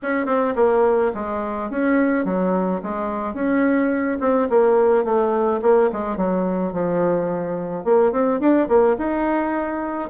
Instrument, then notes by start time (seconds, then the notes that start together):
bassoon
0.02 C#4
0.25 C4
0.55 A#3
1.14 G#3
1.70 C#4
2.24 F#3
2.82 G#3
3.34 C#4
4.20 C4
4.49 A#3
5.04 A3
5.62 A#3
5.92 G#3
6.16 F#3
6.72 F3
7.84 A#3
8.12 C4
8.40 D4
8.68 A#3
8.97 D#4